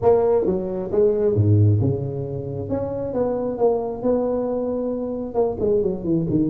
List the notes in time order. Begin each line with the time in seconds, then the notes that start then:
0.02 A#3
0.45 F#3
0.91 G#3
1.35 G#2
1.80 C#3
2.69 C#4
3.13 B3
3.58 A#3
4.02 B3
5.34 A#3
5.59 G#3
5.82 F#3
6.04 E3
6.29 D#3